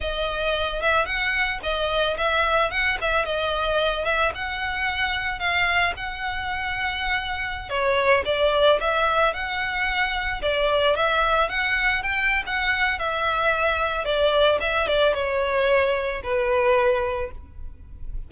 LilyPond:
\new Staff \with { instrumentName = "violin" } { \time 4/4 \tempo 4 = 111 dis''4. e''8 fis''4 dis''4 | e''4 fis''8 e''8 dis''4. e''8 | fis''2 f''4 fis''4~ | fis''2~ fis''16 cis''4 d''8.~ |
d''16 e''4 fis''2 d''8.~ | d''16 e''4 fis''4 g''8. fis''4 | e''2 d''4 e''8 d''8 | cis''2 b'2 | }